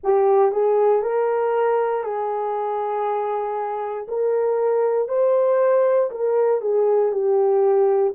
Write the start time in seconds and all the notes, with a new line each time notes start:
0.03 G4
0.52 G#4
1.02 A#4
2.03 G#4
4.07 A#4
5.08 C5
6.10 A#4
6.61 G#4
7.11 G4